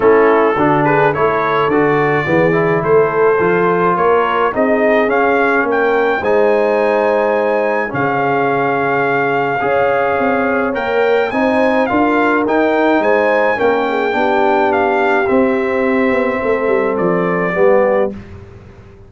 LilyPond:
<<
  \new Staff \with { instrumentName = "trumpet" } { \time 4/4 \tempo 4 = 106 a'4. b'8 cis''4 d''4~ | d''4 c''2 cis''4 | dis''4 f''4 g''4 gis''4~ | gis''2 f''2~ |
f''2. g''4 | gis''4 f''4 g''4 gis''4 | g''2 f''4 e''4~ | e''2 d''2 | }
  \new Staff \with { instrumentName = "horn" } { \time 4/4 e'4 fis'8 gis'8 a'2 | gis'4 a'2 ais'4 | gis'2 ais'4 c''4~ | c''2 gis'2~ |
gis'4 cis''2. | c''4 ais'2 c''4 | ais'8 gis'8 g'2.~ | g'4 a'2 g'4 | }
  \new Staff \with { instrumentName = "trombone" } { \time 4/4 cis'4 d'4 e'4 fis'4 | b8 e'4. f'2 | dis'4 cis'2 dis'4~ | dis'2 cis'2~ |
cis'4 gis'2 ais'4 | dis'4 f'4 dis'2 | cis'4 d'2 c'4~ | c'2. b4 | }
  \new Staff \with { instrumentName = "tuba" } { \time 4/4 a4 d4 a4 d4 | e4 a4 f4 ais4 | c'4 cis'4 ais4 gis4~ | gis2 cis2~ |
cis4 cis'4 c'4 ais4 | c'4 d'4 dis'4 gis4 | ais4 b2 c'4~ | c'8 b8 a8 g8 f4 g4 | }
>>